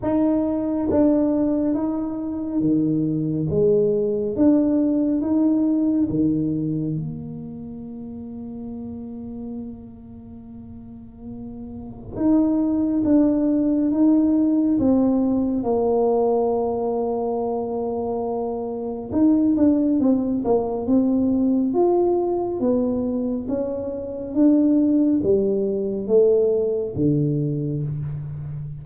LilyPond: \new Staff \with { instrumentName = "tuba" } { \time 4/4 \tempo 4 = 69 dis'4 d'4 dis'4 dis4 | gis4 d'4 dis'4 dis4 | ais1~ | ais2 dis'4 d'4 |
dis'4 c'4 ais2~ | ais2 dis'8 d'8 c'8 ais8 | c'4 f'4 b4 cis'4 | d'4 g4 a4 d4 | }